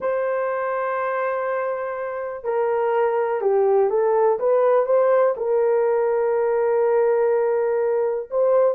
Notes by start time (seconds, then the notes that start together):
0.00 C5
2.44 A#4
3.41 G4
3.90 A4
4.39 B4
4.86 C5
5.37 A#4
8.30 C5